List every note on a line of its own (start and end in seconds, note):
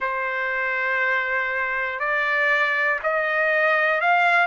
0.00 1.99 C5
1.99 2.99 D5
3.03 4.00 D#5
4.00 4.46 F5